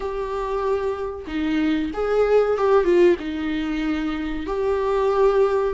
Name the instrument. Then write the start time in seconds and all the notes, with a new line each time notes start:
viola
0.00 G4
1.27 D#4
1.93 G#4
2.57 G4
2.84 F4
3.19 D#4
4.46 G4